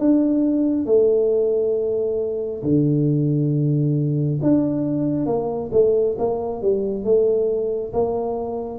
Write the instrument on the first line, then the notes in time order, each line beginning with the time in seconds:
tuba
0.00 D4
0.86 A3
2.64 D3
4.42 D4
5.27 A#3
5.73 A3
6.18 A#3
6.62 G3
7.05 A3
7.93 A#3